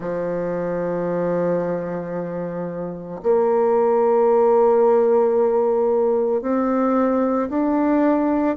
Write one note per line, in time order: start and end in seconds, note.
0.00 3.21 F3
3.22 6.41 A#3
6.41 7.48 C4
7.49 8.56 D4